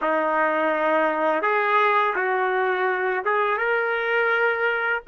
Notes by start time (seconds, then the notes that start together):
0.01 D#4
1.42 G#4
2.15 F#4
3.24 G#4
3.57 A#4